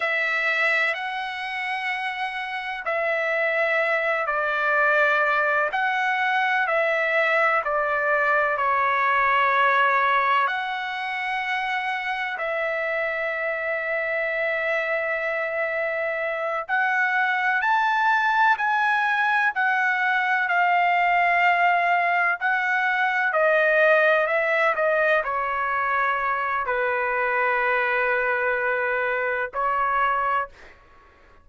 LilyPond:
\new Staff \with { instrumentName = "trumpet" } { \time 4/4 \tempo 4 = 63 e''4 fis''2 e''4~ | e''8 d''4. fis''4 e''4 | d''4 cis''2 fis''4~ | fis''4 e''2.~ |
e''4. fis''4 a''4 gis''8~ | gis''8 fis''4 f''2 fis''8~ | fis''8 dis''4 e''8 dis''8 cis''4. | b'2. cis''4 | }